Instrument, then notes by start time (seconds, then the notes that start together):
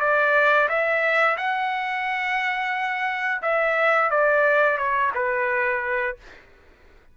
trumpet
0.00 D5
0.68 E5
1.37 F#5
3.42 E5
4.10 D5
4.77 C#5
5.14 B4